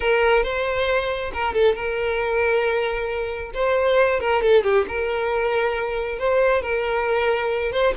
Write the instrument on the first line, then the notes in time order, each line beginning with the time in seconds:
violin
0.00 A#4
0.43 C5
1.33 A#4
1.53 A4
1.75 A#4
3.54 C5
4.20 A#4
4.42 A4
4.63 G4
4.88 A#4
6.19 C5
6.62 A#4
7.71 C5